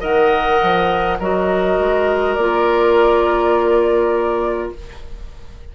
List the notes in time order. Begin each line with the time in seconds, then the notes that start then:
0.00 D#3 A#4 D#5 F#5
0.62 F3
1.19 F#3 F#4 A#4 D#5
1.79 G#3
2.34 A#3 F4 D5